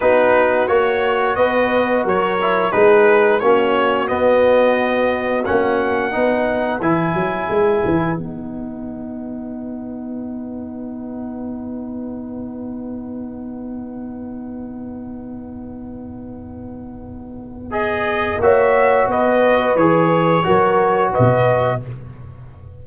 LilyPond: <<
  \new Staff \with { instrumentName = "trumpet" } { \time 4/4 \tempo 4 = 88 b'4 cis''4 dis''4 cis''4 | b'4 cis''4 dis''2 | fis''2 gis''2 | fis''1~ |
fis''1~ | fis''1~ | fis''2 dis''4 e''4 | dis''4 cis''2 dis''4 | }
  \new Staff \with { instrumentName = "horn" } { \time 4/4 fis'2 b'4 ais'4 | gis'4 fis'2.~ | fis'4 b'2.~ | b'1~ |
b'1~ | b'1~ | b'2. cis''4 | b'2 ais'4 b'4 | }
  \new Staff \with { instrumentName = "trombone" } { \time 4/4 dis'4 fis'2~ fis'8 e'8 | dis'4 cis'4 b2 | cis'4 dis'4 e'2 | dis'1~ |
dis'1~ | dis'1~ | dis'2 gis'4 fis'4~ | fis'4 gis'4 fis'2 | }
  \new Staff \with { instrumentName = "tuba" } { \time 4/4 b4 ais4 b4 fis4 | gis4 ais4 b2 | ais4 b4 e8 fis8 gis8 e8 | b1~ |
b1~ | b1~ | b2. ais4 | b4 e4 fis4 b,4 | }
>>